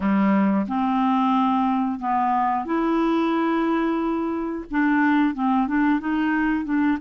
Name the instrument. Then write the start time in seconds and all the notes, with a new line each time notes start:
clarinet
0.00 G3
0.67 C4
1.99 B3
2.65 E4
4.71 D4
5.34 C4
5.67 D4
6.00 D#4
6.64 D4